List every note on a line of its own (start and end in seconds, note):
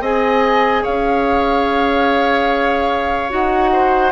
0.00 0.82 C4
0.00 3.29 G#4
0.00 0.83 D#5
0.00 0.85 G#5
0.83 3.32 C#4
0.83 3.70 C#5
0.83 3.31 F5
3.29 4.12 D#4
3.29 4.11 F#4
3.29 4.12 F#5
3.72 4.12 C5